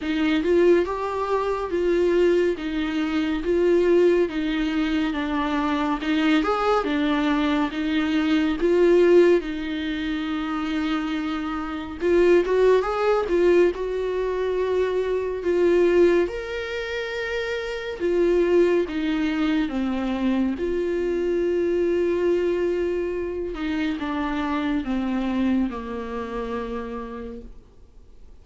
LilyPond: \new Staff \with { instrumentName = "viola" } { \time 4/4 \tempo 4 = 70 dis'8 f'8 g'4 f'4 dis'4 | f'4 dis'4 d'4 dis'8 gis'8 | d'4 dis'4 f'4 dis'4~ | dis'2 f'8 fis'8 gis'8 f'8 |
fis'2 f'4 ais'4~ | ais'4 f'4 dis'4 c'4 | f'2.~ f'8 dis'8 | d'4 c'4 ais2 | }